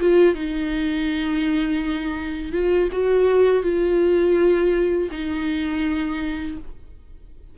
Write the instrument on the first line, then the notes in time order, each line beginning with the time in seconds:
viola
0.00 F4
0.35 D#4
2.52 F4
2.92 F#4
3.63 F4
5.11 D#4